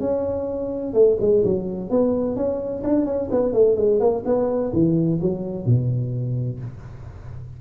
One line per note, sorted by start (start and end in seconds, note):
0.00 0.94 C#4
0.94 1.17 A3
1.21 1.44 G#3
1.45 1.90 F#3
1.90 2.36 B3
2.36 2.83 C#4
2.84 3.06 D4
3.06 3.29 C#4
3.31 3.53 B3
3.53 3.76 A3
3.76 4.00 G#3
4.00 4.23 A#3
4.25 4.72 B3
4.73 5.20 E3
5.21 5.66 F#3
5.66 6.60 B2